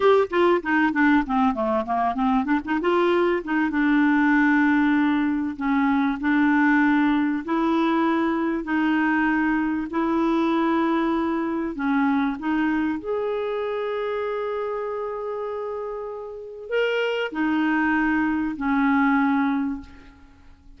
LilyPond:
\new Staff \with { instrumentName = "clarinet" } { \time 4/4 \tempo 4 = 97 g'8 f'8 dis'8 d'8 c'8 a8 ais8 c'8 | d'16 dis'16 f'4 dis'8 d'2~ | d'4 cis'4 d'2 | e'2 dis'2 |
e'2. cis'4 | dis'4 gis'2.~ | gis'2. ais'4 | dis'2 cis'2 | }